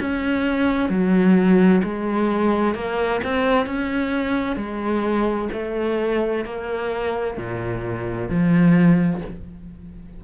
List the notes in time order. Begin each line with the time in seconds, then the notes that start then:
0.00 C#4
0.89 F#3
1.83 G#3
2.74 A#3
3.23 C4
3.66 C#4
4.56 G#3
5.53 A3
6.44 A#3
7.37 A#2
8.29 F3